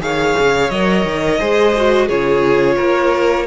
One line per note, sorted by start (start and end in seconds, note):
0.00 0.34 D#3
0.00 0.70 G#4
0.00 1.40 C#5
0.00 0.71 F5
0.39 0.70 C#3
0.70 1.05 F#3
0.70 1.40 A#4
0.70 2.09 D#5
1.05 1.40 D#3
1.40 2.09 G#3
1.40 1.74 G#4
1.40 2.07 C5
1.77 2.09 F#4
2.07 2.78 C#3
2.07 3.47 F4
2.07 2.76 G#4
2.07 3.47 C#5
2.77 3.47 A#3
2.77 3.46 A#4